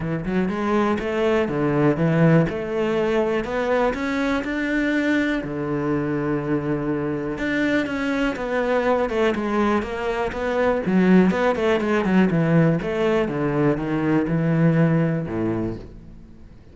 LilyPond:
\new Staff \with { instrumentName = "cello" } { \time 4/4 \tempo 4 = 122 e8 fis8 gis4 a4 d4 | e4 a2 b4 | cis'4 d'2 d4~ | d2. d'4 |
cis'4 b4. a8 gis4 | ais4 b4 fis4 b8 a8 | gis8 fis8 e4 a4 d4 | dis4 e2 a,4 | }